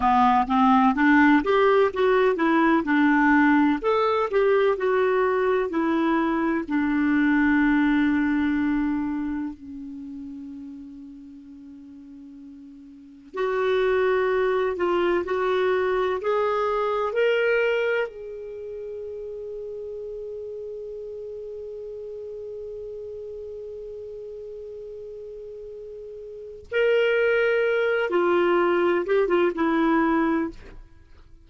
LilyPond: \new Staff \with { instrumentName = "clarinet" } { \time 4/4 \tempo 4 = 63 b8 c'8 d'8 g'8 fis'8 e'8 d'4 | a'8 g'8 fis'4 e'4 d'4~ | d'2 cis'2~ | cis'2 fis'4. f'8 |
fis'4 gis'4 ais'4 gis'4~ | gis'1~ | gis'1 | ais'4. f'4 g'16 f'16 e'4 | }